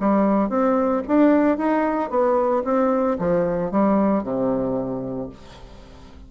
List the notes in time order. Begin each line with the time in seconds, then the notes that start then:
0.00 G3
0.49 C4
1.07 D4
1.58 D#4
2.10 B3
2.65 C4
3.19 F3
3.71 G3
4.23 C3